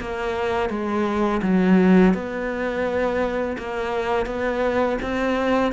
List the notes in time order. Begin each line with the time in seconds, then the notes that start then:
0.00 A#3
0.70 G#3
1.43 F#3
2.14 B3
3.58 A#3
4.26 B3
5.02 C4